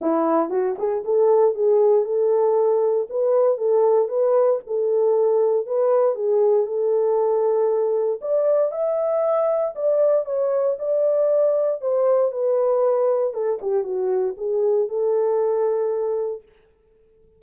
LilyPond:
\new Staff \with { instrumentName = "horn" } { \time 4/4 \tempo 4 = 117 e'4 fis'8 gis'8 a'4 gis'4 | a'2 b'4 a'4 | b'4 a'2 b'4 | gis'4 a'2. |
d''4 e''2 d''4 | cis''4 d''2 c''4 | b'2 a'8 g'8 fis'4 | gis'4 a'2. | }